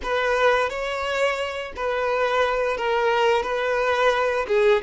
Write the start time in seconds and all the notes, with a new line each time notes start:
0.03 B4
0.69 C#5
1.76 B4
2.77 A#4
3.42 B4
4.47 G#4